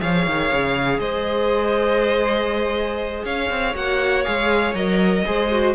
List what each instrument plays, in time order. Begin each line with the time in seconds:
0.00 cello F3, viola G#4, violin C#5 F5
0.27 cello D#3
0.53 cello C#3
0.99 cello G#3, violin C5 D#5
3.25 cello C#4, violin C#5 F5
3.51 cello C4
3.75 cello A#3, viola F#4, violin F#5
4.24 cello G#3, viola G#4, violin F5
4.74 cello F#3, viola A#4, violin D#5
5.25 cello G#3, viola G#4, violin C5
5.53 viola F#4